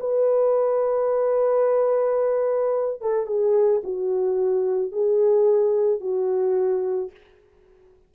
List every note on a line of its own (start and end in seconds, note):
0.00 3.01 B4
3.01 3.27 A4
3.27 3.82 G#4
3.84 4.92 F#4
4.92 6.00 G#4
6.00 7.11 F#4